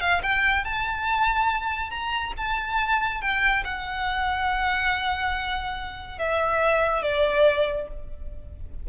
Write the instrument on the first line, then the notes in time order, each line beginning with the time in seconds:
violin
0.00 F5
0.22 G5
0.64 A5
1.90 A#5
2.37 A5
3.21 G5
3.64 F#5
6.18 E5
7.02 D5